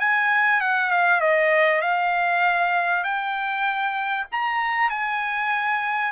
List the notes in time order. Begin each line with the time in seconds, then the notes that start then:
0.00 G#5
0.61 F#5
0.91 F5
1.21 D#5
1.81 F5
3.04 G5
4.32 A#5
4.90 G#5